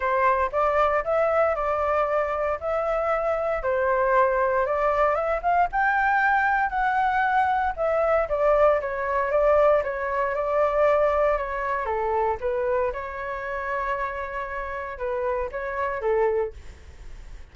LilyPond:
\new Staff \with { instrumentName = "flute" } { \time 4/4 \tempo 4 = 116 c''4 d''4 e''4 d''4~ | d''4 e''2 c''4~ | c''4 d''4 e''8 f''8 g''4~ | g''4 fis''2 e''4 |
d''4 cis''4 d''4 cis''4 | d''2 cis''4 a'4 | b'4 cis''2.~ | cis''4 b'4 cis''4 a'4 | }